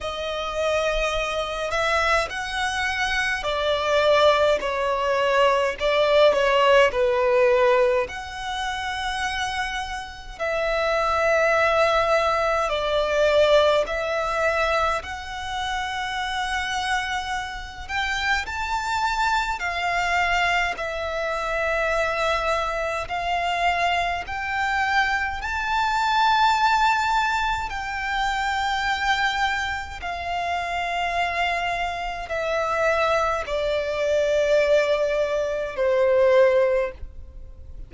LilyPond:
\new Staff \with { instrumentName = "violin" } { \time 4/4 \tempo 4 = 52 dis''4. e''8 fis''4 d''4 | cis''4 d''8 cis''8 b'4 fis''4~ | fis''4 e''2 d''4 | e''4 fis''2~ fis''8 g''8 |
a''4 f''4 e''2 | f''4 g''4 a''2 | g''2 f''2 | e''4 d''2 c''4 | }